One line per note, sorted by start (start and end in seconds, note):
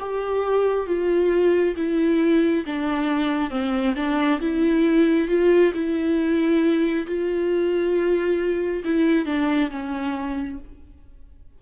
0.00 0.87 G4
0.87 1.76 F4
1.77 2.65 E4
2.66 3.51 D4
3.51 3.95 C4
3.97 4.41 D4
4.41 5.29 E4
5.29 5.73 F4
5.74 7.07 E4
7.07 8.84 F4
8.85 9.26 E4
9.26 9.70 D4
9.71 10.59 C#4